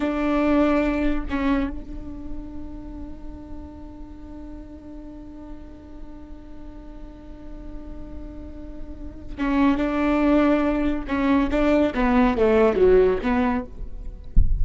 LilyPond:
\new Staff \with { instrumentName = "viola" } { \time 4/4 \tempo 4 = 141 d'2. cis'4 | d'1~ | d'1~ | d'1~ |
d'1~ | d'2 cis'4 d'4~ | d'2 cis'4 d'4 | b4 a4 fis4 b4 | }